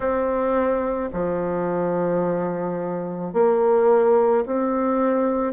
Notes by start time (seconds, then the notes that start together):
0.00 C4
1.12 F3
3.33 A#3
4.45 C4